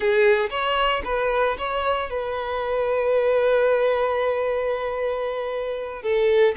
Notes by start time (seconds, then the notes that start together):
0.00 G#4
0.50 C#5
1.04 B4
1.57 C#5
2.10 B4
6.02 A4